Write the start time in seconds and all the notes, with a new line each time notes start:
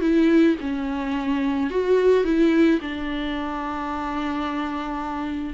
0.00 E4
0.60 C#4
1.70 F#4
2.24 E4
2.81 D4